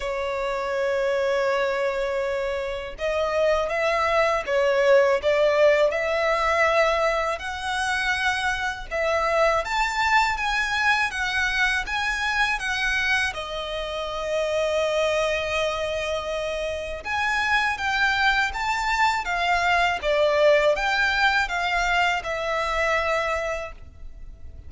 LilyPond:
\new Staff \with { instrumentName = "violin" } { \time 4/4 \tempo 4 = 81 cis''1 | dis''4 e''4 cis''4 d''4 | e''2 fis''2 | e''4 a''4 gis''4 fis''4 |
gis''4 fis''4 dis''2~ | dis''2. gis''4 | g''4 a''4 f''4 d''4 | g''4 f''4 e''2 | }